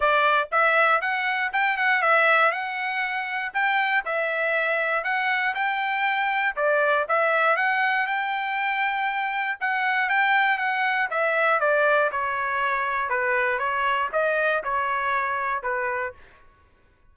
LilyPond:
\new Staff \with { instrumentName = "trumpet" } { \time 4/4 \tempo 4 = 119 d''4 e''4 fis''4 g''8 fis''8 | e''4 fis''2 g''4 | e''2 fis''4 g''4~ | g''4 d''4 e''4 fis''4 |
g''2. fis''4 | g''4 fis''4 e''4 d''4 | cis''2 b'4 cis''4 | dis''4 cis''2 b'4 | }